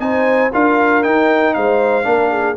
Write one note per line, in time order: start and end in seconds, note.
0.00 0.51 C4
0.00 0.51 D#4
0.00 0.53 C5
0.00 0.51 G#5
0.53 1.06 D4
0.53 1.03 F4
0.53 1.56 A#4
0.53 1.03 F5
1.03 2.04 D#4
1.03 1.57 D#4
1.03 1.54 G5
1.54 2.06 G#3
1.54 2.07 C5
1.54 2.57 F5
2.04 2.57 A#3
2.04 2.55 D4
2.04 2.31 A#4
2.31 2.57 G#4